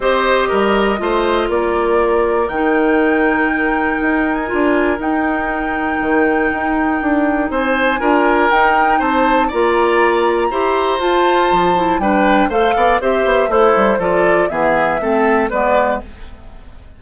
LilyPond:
<<
  \new Staff \with { instrumentName = "flute" } { \time 4/4 \tempo 4 = 120 dis''2. d''4~ | d''4 g''2.~ | g''8. gis''4~ gis''16 g''2~ | g''2. gis''4~ |
gis''4 g''4 a''4 ais''4~ | ais''2 a''2 | g''4 f''4 e''4 c''4 | d''4 e''2 d''4 | }
  \new Staff \with { instrumentName = "oboe" } { \time 4/4 c''4 ais'4 c''4 ais'4~ | ais'1~ | ais'1~ | ais'2. c''4 |
ais'2 c''4 d''4~ | d''4 c''2. | b'4 c''8 d''8 c''4 e'4 | a'4 gis'4 a'4 b'4 | }
  \new Staff \with { instrumentName = "clarinet" } { \time 4/4 g'2 f'2~ | f'4 dis'2.~ | dis'4 f'4 dis'2~ | dis'1 |
f'4 dis'2 f'4~ | f'4 g'4 f'4. e'8 | d'4 a'4 g'4 a'4 | f'4 b4 c'4 b4 | }
  \new Staff \with { instrumentName = "bassoon" } { \time 4/4 c'4 g4 a4 ais4~ | ais4 dis2. | dis'4 d'4 dis'2 | dis4 dis'4 d'4 c'4 |
d'4 dis'4 c'4 ais4~ | ais4 e'4 f'4 f4 | g4 a8 b8 c'8 b8 a8 g8 | f4 e4 a4 gis4 | }
>>